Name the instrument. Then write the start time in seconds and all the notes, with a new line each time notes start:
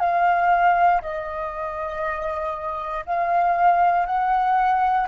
flute
0.00 F5
1.02 D#5
3.06 F5
4.06 F#5